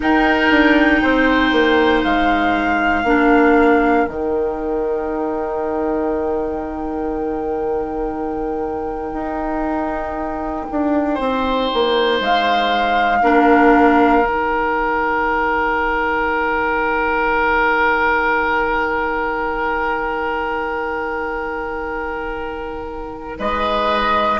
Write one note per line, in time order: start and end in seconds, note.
0.00 3.04 D#4
0.00 0.50 D#4
0.00 1.01 A#4
0.00 2.04 G5
0.50 1.01 D4
1.01 1.51 C4
1.01 3.03 C5
1.51 2.02 A#3
2.04 3.03 G#3
2.04 4.07 F5
3.03 4.05 A#3
3.03 4.08 D4
3.03 11.14 A#4
4.07 9.12 D#3
4.07 13.22 D#4
4.07 12.21 G5
9.12 10.65 D#4
10.71 11.19 D4
11.14 11.70 C4
11.14 13.17 C5
11.73 12.20 A#3
12.20 13.22 G#3
12.20 14.26 F5
13.22 14.22 A#3
13.22 14.22 D4
13.22 23.38 A#4
14.22 23.37 D#3
14.22 24.39 D#4
14.22 23.39 G5
23.38 24.39 G#3
23.38 24.39 B4
23.38 24.39 D#5